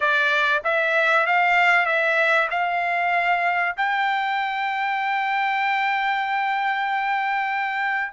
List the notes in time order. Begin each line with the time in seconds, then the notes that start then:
0.00 D5
0.64 E5
1.26 F5
1.86 E5
2.50 F5
3.76 G5